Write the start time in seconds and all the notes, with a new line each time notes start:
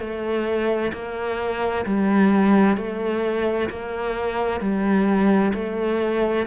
0.00 A3
0.93 A#3
1.85 G3
2.77 A3
3.70 A#3
4.60 G3
5.54 A3